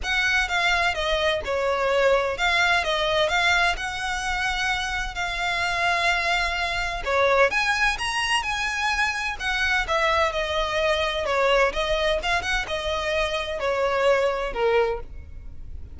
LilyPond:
\new Staff \with { instrumentName = "violin" } { \time 4/4 \tempo 4 = 128 fis''4 f''4 dis''4 cis''4~ | cis''4 f''4 dis''4 f''4 | fis''2. f''4~ | f''2. cis''4 |
gis''4 ais''4 gis''2 | fis''4 e''4 dis''2 | cis''4 dis''4 f''8 fis''8 dis''4~ | dis''4 cis''2 ais'4 | }